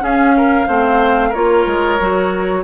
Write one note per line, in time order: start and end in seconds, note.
0.00 0.65 C#4
0.00 0.66 C#4
0.00 0.36 G#4
0.00 1.34 F5
0.37 0.68 A#4
0.68 1.33 A3
0.68 1.33 C4
0.68 1.29 C5
1.29 1.67 A#3
1.29 2.00 F4
1.29 2.60 A#4
1.29 2.64 C#5
1.67 1.99 G#3
2.00 2.65 F#3
2.00 2.65 F#4